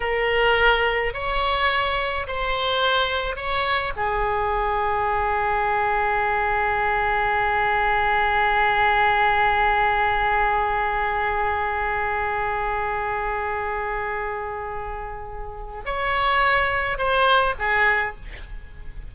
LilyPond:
\new Staff \with { instrumentName = "oboe" } { \time 4/4 \tempo 4 = 106 ais'2 cis''2 | c''2 cis''4 gis'4~ | gis'1~ | gis'1~ |
gis'1~ | gis'1~ | gis'1 | cis''2 c''4 gis'4 | }